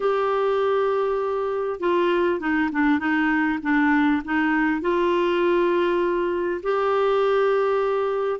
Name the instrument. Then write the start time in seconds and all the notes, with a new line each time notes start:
clarinet
0.00 G4
1.80 F4
2.39 D#4
2.72 D4
2.99 D#4
3.62 D4
4.24 D#4
4.81 F4
6.62 G4